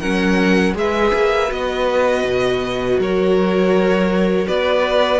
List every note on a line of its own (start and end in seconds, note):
0.00 0.75 F#3
0.00 0.74 C#4
0.00 0.74 A#4
0.00 0.74 F#5
0.74 1.12 G#3
0.74 1.48 G#4
0.74 3.00 B4
0.74 1.52 E5
1.14 1.51 A#3
1.48 2.24 B3
1.48 5.18 F#4
1.48 3.00 D#5
2.24 2.98 B2
2.99 4.47 F#3
2.99 4.48 A#4
2.99 4.48 C#5
4.48 5.20 B3
4.48 5.20 B4
4.48 5.20 D5